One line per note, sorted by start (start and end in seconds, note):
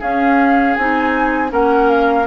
0.00 0.77 C#4
0.00 0.78 C#4
0.00 1.52 G#4
0.00 0.75 F5
0.75 1.52 C4
0.75 1.50 D#4
0.75 1.51 G#5
1.50 2.28 A#3
1.50 2.25 C#4
1.50 2.28 A#4
1.50 1.89 F#5
1.89 2.27 F5